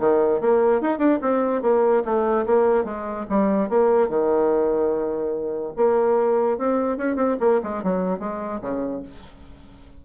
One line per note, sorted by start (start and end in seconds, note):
0.00 0.41 D#3
0.41 0.81 A#3
0.81 0.99 D#4
0.99 1.20 D4
1.22 1.62 C4
1.62 2.03 A#3
2.05 2.46 A3
2.46 2.85 A#3
2.85 3.26 G#3
3.30 3.70 G3
3.70 4.09 A#3
4.09 5.73 D#3
5.77 6.58 A#3
6.58 6.98 C4
6.98 7.17 C#4
7.17 7.37 C4
7.41 7.61 A#3
7.64 7.84 G#3
7.84 8.20 F#3
8.20 8.61 G#3
8.62 9.03 C#3